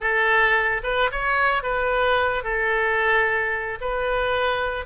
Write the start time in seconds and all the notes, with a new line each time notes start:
0.00 A4
0.83 B4
1.11 C#5
1.62 B4
2.43 A4
3.80 B4